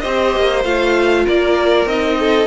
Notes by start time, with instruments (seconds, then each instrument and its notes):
0.00 cello C4, viola G4, violin C5 D#5
0.36 cello A#3
0.64 cello A3, viola F4, violin F5
1.25 cello A#3, violin A#4 D5
1.86 cello C4, viola D#4, violin D#5
2.20 violin A4